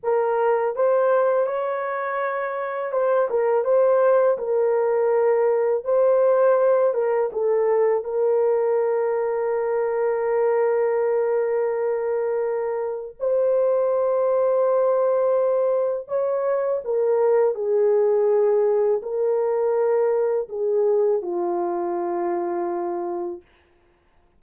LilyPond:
\new Staff \with { instrumentName = "horn" } { \time 4/4 \tempo 4 = 82 ais'4 c''4 cis''2 | c''8 ais'8 c''4 ais'2 | c''4. ais'8 a'4 ais'4~ | ais'1~ |
ais'2 c''2~ | c''2 cis''4 ais'4 | gis'2 ais'2 | gis'4 f'2. | }